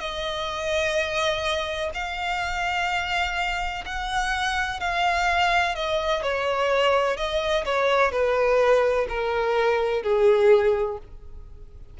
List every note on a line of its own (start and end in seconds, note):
0.00 1.90 D#5
1.94 3.85 F5
3.86 4.80 F#5
4.80 5.75 F5
5.76 6.23 D#5
6.23 7.17 C#5
7.17 7.65 D#5
7.65 8.12 C#5
8.12 9.07 B4
9.09 10.03 A#4
10.03 10.98 G#4